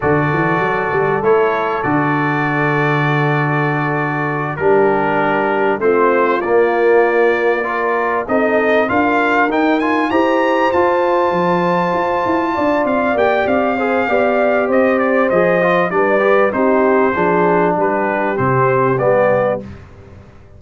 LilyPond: <<
  \new Staff \with { instrumentName = "trumpet" } { \time 4/4 \tempo 4 = 98 d''2 cis''4 d''4~ | d''2.~ d''8 ais'8~ | ais'4. c''4 d''4.~ | d''4. dis''4 f''4 g''8 |
gis''8 ais''4 a''2~ a''8~ | a''4 f''8 g''8 f''2 | dis''8 d''8 dis''4 d''4 c''4~ | c''4 b'4 c''4 d''4 | }
  \new Staff \with { instrumentName = "horn" } { \time 4/4 a'1~ | a'2.~ a'8 g'8~ | g'4. f'2~ f'8~ | f'8 ais'4 a'4 ais'4.~ |
ais'8 c''2.~ c''8~ | c''8 d''2 c''8 d''4 | c''2 b'4 g'4 | gis'4 g'2. | }
  \new Staff \with { instrumentName = "trombone" } { \time 4/4 fis'2 e'4 fis'4~ | fis'2.~ fis'8 d'8~ | d'4. c'4 ais4.~ | ais8 f'4 dis'4 f'4 dis'8 |
f'8 g'4 f'2~ f'8~ | f'4. g'4 gis'8 g'4~ | g'4 gis'8 f'8 d'8 g'8 dis'4 | d'2 c'4 b4 | }
  \new Staff \with { instrumentName = "tuba" } { \time 4/4 d8 e8 fis8 g8 a4 d4~ | d2.~ d8 g8~ | g4. a4 ais4.~ | ais4. c'4 d'4 dis'8~ |
dis'8 e'4 f'4 f4 f'8 | e'8 d'8 c'8 ais8 c'4 b4 | c'4 f4 g4 c'4 | f4 g4 c4 g4 | }
>>